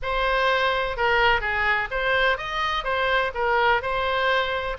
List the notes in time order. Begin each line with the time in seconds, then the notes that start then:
0.02 C5
0.96 A#4
1.40 G#4
1.90 C5
2.37 D#5
2.84 C5
3.34 A#4
3.82 C5